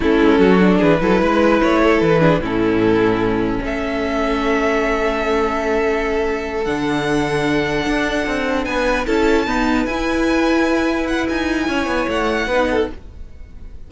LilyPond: <<
  \new Staff \with { instrumentName = "violin" } { \time 4/4 \tempo 4 = 149 a'2 b'2 | cis''4 b'4 a'2~ | a'4 e''2.~ | e''1~ |
e''8 fis''2.~ fis''8~ | fis''4. gis''4 a''4.~ | a''8 gis''2. fis''8 | gis''2 fis''2 | }
  \new Staff \with { instrumentName = "violin" } { \time 4/4 e'4 fis'4 gis'8 a'8 b'4~ | b'8 a'4 gis'8 e'2~ | e'4 a'2.~ | a'1~ |
a'1~ | a'4. b'4 a'4 b'8~ | b'1~ | b'4 cis''2 b'8 a'8 | }
  \new Staff \with { instrumentName = "viola" } { \time 4/4 cis'4. d'4 e'4.~ | e'4. d'8 cis'2~ | cis'1~ | cis'1~ |
cis'8 d'2.~ d'8~ | d'2~ d'8 e'4 b8~ | b8 e'2.~ e'8~ | e'2. dis'4 | }
  \new Staff \with { instrumentName = "cello" } { \time 4/4 a8 gis8 fis4 e8 fis8 gis4 | a4 e4 a,2~ | a,4 a2.~ | a1~ |
a8 d2. d'8~ | d'8 c'4 b4 cis'4 dis'8~ | dis'8 e'2.~ e'8 | dis'4 cis'8 b8 a4 b4 | }
>>